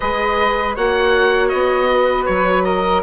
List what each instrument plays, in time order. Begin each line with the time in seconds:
0.00 bassoon G#3, viola G#4, flute B4, oboe D#5
0.75 bassoon A#3, viola F#4, flute C#5, oboe F#5
1.48 bassoon B3, oboe D#5
1.92 flute B4
2.25 bassoon F#3, oboe C#5
2.64 flute A#4, oboe D#5